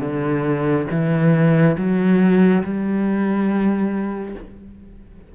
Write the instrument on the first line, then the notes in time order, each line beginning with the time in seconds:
cello
0.00 D3
0.90 E3
1.77 F#3
2.63 G3